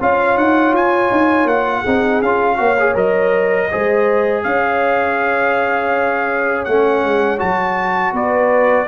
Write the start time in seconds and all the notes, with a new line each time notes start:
0.00 C#4 F4 C#5 F5
0.36 D#4 F#5
0.72 F4 G#5
1.11 D#4
1.44 A#3 F#5
1.81 C4 D#4 G#4
2.21 C#4 F4 F5
2.56 A#3 F#4 C#5
2.79 G#4
2.94 F#3 A#4 D#5
3.70 G#3 G#4 C5
4.43 C#4 C#5 F5
6.64 A3 C#4 F#5
7.04 G#3
7.38 F#3 F#4 A5
8.12 B3 B4 D5